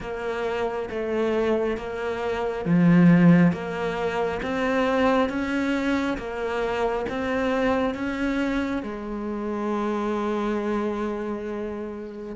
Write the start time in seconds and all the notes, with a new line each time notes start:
0.00 A#3
0.89 A3
1.76 A#3
2.65 F3
3.52 A#3
4.42 C4
5.29 C#4
6.17 A#3
7.09 C4
7.94 C#4
8.82 G#3